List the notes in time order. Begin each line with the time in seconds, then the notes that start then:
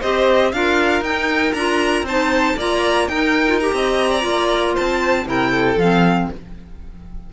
0.00 C4 G4 C5 D#5
0.52 D4 F4 A#4 F5
1.01 D#4 G5
1.54 D4 F4 A#5
2.02 C4 D#4 C5 A5
2.56 A#3 F4 D5 A#5
3.08 D#4 A#4 G5
3.47 F4
3.60 G4 A#5
3.72 C4 D#5
4.10 D5
4.20 A#3 F4
4.74 C4 C5 A5
5.25 C3 E4 A#4 G5
5.51 A4
5.76 F3 C4 F5